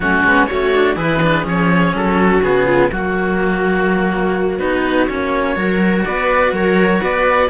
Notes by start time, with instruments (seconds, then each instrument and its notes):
0.00 cello F#3 A3, viola C#4, oboe F#4
0.21 cello G#3 B3
0.46 cello A3, viola F#4, oboe C#5
0.52 cello C#4
0.74 cello D4
0.95 cello E3 E4, viola G#4, oboe B4
1.22 cello D4
1.43 cello F3 C#4, oboe C#5
1.94 cello F#3, oboe A4
2.17 viola F#4
2.41 cello C#3 B3, oboe G#4
2.66 viola F4
2.91 cello F#3 A#3, oboe F#4, viola F#4
4.58 cello B3 D#4, oboe B4
5.06 cello A#3 C#4, oboe C#5
5.55 cello F#3 F#4, viola A#4
6.04 cello B3, viola B4, oboe D5
6.52 cello F#3, viola A#4, oboe C#5
7.01 cello B3, viola B4, oboe D5